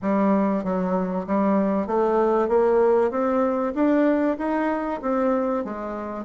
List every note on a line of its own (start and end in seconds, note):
0.02 0.64 G3
0.64 1.26 F#3
1.27 1.87 G3
1.87 2.48 A3
2.48 3.11 A#3
3.11 3.73 C4
3.74 4.37 D4
4.38 5.00 D#4
5.01 5.64 C4
5.64 6.25 G#3